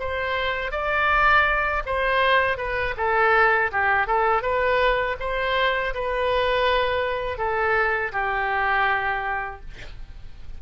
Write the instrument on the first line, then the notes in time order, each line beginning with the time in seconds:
oboe
0.00 C5
0.72 D5
1.86 C5
2.58 B4
2.97 A4
3.72 G4
4.07 A4
4.42 B4
5.20 C5
5.94 B4
7.38 A4
8.12 G4